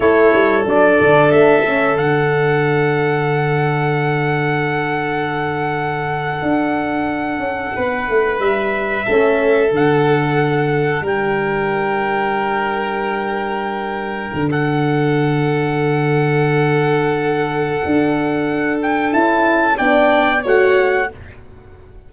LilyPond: <<
  \new Staff \with { instrumentName = "trumpet" } { \time 4/4 \tempo 4 = 91 cis''4 d''4 e''4 fis''4~ | fis''1~ | fis''1~ | fis''8. e''2 fis''4~ fis''16~ |
fis''8. g''2.~ g''16~ | g''2 fis''2~ | fis''1~ | fis''8 g''8 a''4 g''4 fis''4 | }
  \new Staff \with { instrumentName = "violin" } { \time 4/4 a'1~ | a'1~ | a'2.~ a'8. b'16~ | b'4.~ b'16 a'2~ a'16~ |
a'8. ais'2.~ ais'16~ | ais'2 a'2~ | a'1~ | a'2 d''4 cis''4 | }
  \new Staff \with { instrumentName = "horn" } { \time 4/4 e'4 d'4. cis'8 d'4~ | d'1~ | d'1~ | d'4.~ d'16 cis'4 d'4~ d'16~ |
d'1~ | d'1~ | d'1~ | d'4 e'4 d'4 fis'4 | }
  \new Staff \with { instrumentName = "tuba" } { \time 4/4 a8 g8 fis8 d8 a4 d4~ | d1~ | d4.~ d16 d'4. cis'8 b16~ | b16 a8 g4 a4 d4~ d16~ |
d8. g2.~ g16~ | g4.~ g16 d2~ d16~ | d2. d'4~ | d'4 cis'4 b4 a4 | }
>>